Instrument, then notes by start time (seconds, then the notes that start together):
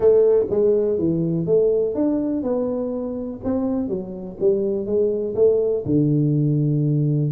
tuba
0.00 A3
0.50 G#3
0.98 E3
1.46 A3
1.94 D4
2.43 B3
3.44 C4
3.88 F#3
4.39 G3
4.85 G#3
5.35 A3
5.85 D3